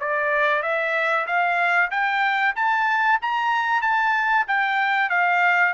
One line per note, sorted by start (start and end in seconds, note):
0.00 0.63 D5
0.63 1.26 E5
1.27 1.91 F5
1.91 2.55 G5
2.56 3.20 A5
3.22 3.82 A#5
3.82 4.46 A5
4.48 5.10 G5
5.10 5.74 F5